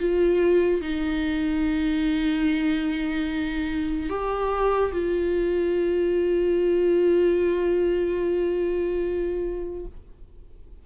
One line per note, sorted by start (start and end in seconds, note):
0.00 0.81 F4
0.81 4.10 D#4
4.10 4.92 G4
4.93 9.86 F4